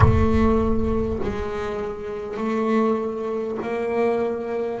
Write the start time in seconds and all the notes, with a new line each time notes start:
0.00 A3
1.23 G#3
2.37 A3
3.62 A#3